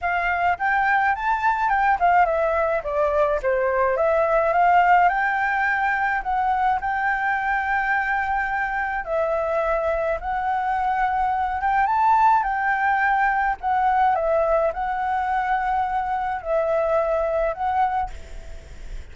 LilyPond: \new Staff \with { instrumentName = "flute" } { \time 4/4 \tempo 4 = 106 f''4 g''4 a''4 g''8 f''8 | e''4 d''4 c''4 e''4 | f''4 g''2 fis''4 | g''1 |
e''2 fis''2~ | fis''8 g''8 a''4 g''2 | fis''4 e''4 fis''2~ | fis''4 e''2 fis''4 | }